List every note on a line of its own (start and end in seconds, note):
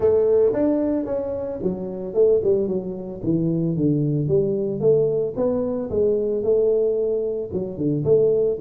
0.00 0.52 A3
0.53 1.05 D4
1.05 1.59 C#4
1.62 2.14 F#3
2.14 2.41 A3
2.43 2.67 G3
2.67 3.21 F#3
3.23 3.76 E3
3.76 4.28 D3
4.28 4.80 G3
4.80 5.34 A3
5.36 5.89 B3
5.90 6.43 G#3
6.43 7.50 A3
7.52 7.77 F#3
7.77 8.04 D3
8.04 8.57 A3